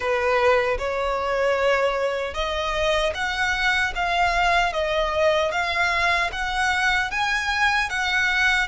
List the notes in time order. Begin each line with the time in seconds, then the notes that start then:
0.00 B4
0.78 C#5
2.34 D#5
3.14 F#5
3.95 F5
4.72 D#5
5.51 F5
6.32 F#5
7.11 G#5
7.89 F#5